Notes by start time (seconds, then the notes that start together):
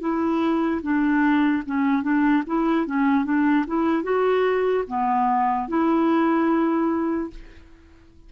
0.00 E4
0.82 D4
1.66 C#4
2.03 D4
2.47 E4
2.86 C#4
3.25 D4
3.67 E4
4.03 F#4
4.88 B3
5.68 E4